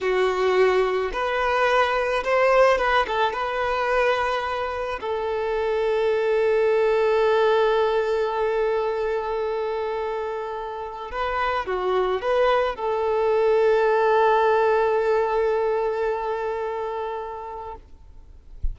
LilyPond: \new Staff \with { instrumentName = "violin" } { \time 4/4 \tempo 4 = 108 fis'2 b'2 | c''4 b'8 a'8 b'2~ | b'4 a'2.~ | a'1~ |
a'1 | b'4 fis'4 b'4 a'4~ | a'1~ | a'1 | }